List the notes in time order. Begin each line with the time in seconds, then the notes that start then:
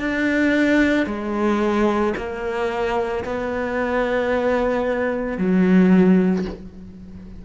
0.00 D4
1.06 G#3
2.17 A#3
3.25 B3
5.38 F#3